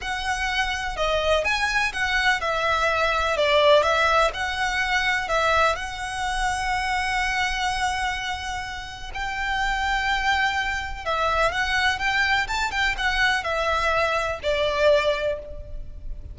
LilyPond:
\new Staff \with { instrumentName = "violin" } { \time 4/4 \tempo 4 = 125 fis''2 dis''4 gis''4 | fis''4 e''2 d''4 | e''4 fis''2 e''4 | fis''1~ |
fis''2. g''4~ | g''2. e''4 | fis''4 g''4 a''8 g''8 fis''4 | e''2 d''2 | }